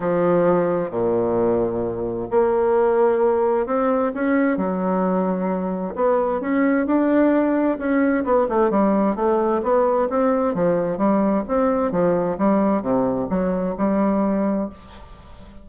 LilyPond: \new Staff \with { instrumentName = "bassoon" } { \time 4/4 \tempo 4 = 131 f2 ais,2~ | ais,4 ais2. | c'4 cis'4 fis2~ | fis4 b4 cis'4 d'4~ |
d'4 cis'4 b8 a8 g4 | a4 b4 c'4 f4 | g4 c'4 f4 g4 | c4 fis4 g2 | }